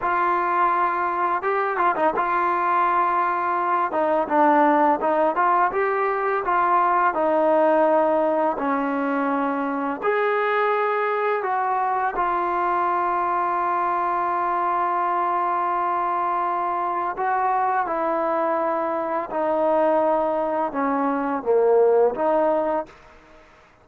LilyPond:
\new Staff \with { instrumentName = "trombone" } { \time 4/4 \tempo 4 = 84 f'2 g'8 f'16 dis'16 f'4~ | f'4. dis'8 d'4 dis'8 f'8 | g'4 f'4 dis'2 | cis'2 gis'2 |
fis'4 f'2.~ | f'1 | fis'4 e'2 dis'4~ | dis'4 cis'4 ais4 dis'4 | }